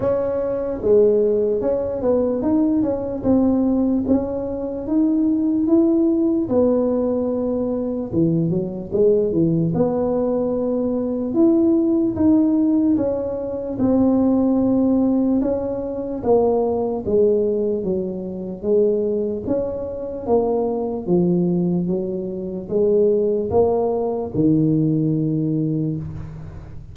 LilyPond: \new Staff \with { instrumentName = "tuba" } { \time 4/4 \tempo 4 = 74 cis'4 gis4 cis'8 b8 dis'8 cis'8 | c'4 cis'4 dis'4 e'4 | b2 e8 fis8 gis8 e8 | b2 e'4 dis'4 |
cis'4 c'2 cis'4 | ais4 gis4 fis4 gis4 | cis'4 ais4 f4 fis4 | gis4 ais4 dis2 | }